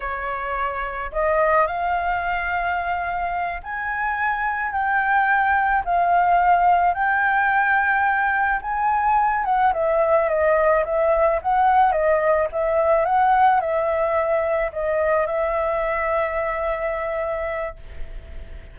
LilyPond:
\new Staff \with { instrumentName = "flute" } { \time 4/4 \tempo 4 = 108 cis''2 dis''4 f''4~ | f''2~ f''8 gis''4.~ | gis''8 g''2 f''4.~ | f''8 g''2. gis''8~ |
gis''4 fis''8 e''4 dis''4 e''8~ | e''8 fis''4 dis''4 e''4 fis''8~ | fis''8 e''2 dis''4 e''8~ | e''1 | }